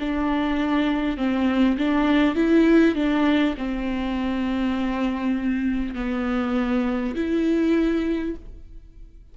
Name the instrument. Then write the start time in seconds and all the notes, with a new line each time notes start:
viola
0.00 D4
1.17 C4
1.78 D4
2.36 E4
2.96 D4
3.58 C4
5.95 B3
7.16 E4